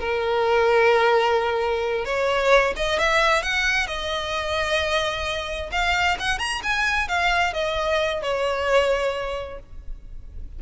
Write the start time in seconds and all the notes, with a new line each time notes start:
0.00 A#4
2.05 C#5
2.76 D#5
2.99 E5
3.43 F#5
3.87 D#5
5.72 F5
6.20 F#5
6.39 A#5
6.63 G#5
7.08 F5
7.53 D#5
8.22 C#5